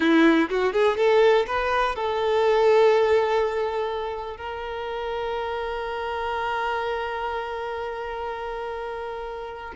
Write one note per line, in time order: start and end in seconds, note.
0.00 0.49 E4
0.49 0.73 F#4
0.73 0.97 G#4
0.97 1.46 A4
1.46 1.95 B4
1.95 4.37 A4
4.37 9.73 A#4